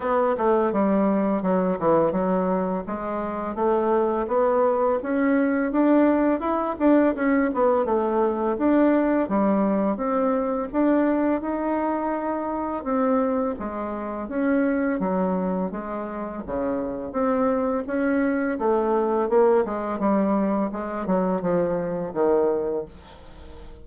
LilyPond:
\new Staff \with { instrumentName = "bassoon" } { \time 4/4 \tempo 4 = 84 b8 a8 g4 fis8 e8 fis4 | gis4 a4 b4 cis'4 | d'4 e'8 d'8 cis'8 b8 a4 | d'4 g4 c'4 d'4 |
dis'2 c'4 gis4 | cis'4 fis4 gis4 cis4 | c'4 cis'4 a4 ais8 gis8 | g4 gis8 fis8 f4 dis4 | }